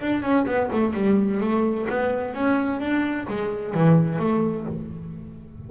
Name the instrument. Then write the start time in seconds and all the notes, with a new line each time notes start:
double bass
0.00 D4
0.22 C#4
0.46 B3
0.72 A3
0.93 G3
1.40 A3
1.89 B3
2.34 C#4
2.80 D4
3.27 G#3
3.74 E3
4.18 A3